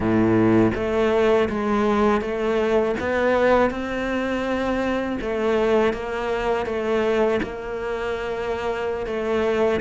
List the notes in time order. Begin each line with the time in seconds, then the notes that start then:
0.00 A2
0.74 A3
1.48 G#3
2.21 A3
3.00 B3
3.70 C4
5.21 A3
5.93 A#3
6.66 A3
7.42 A#3
9.06 A3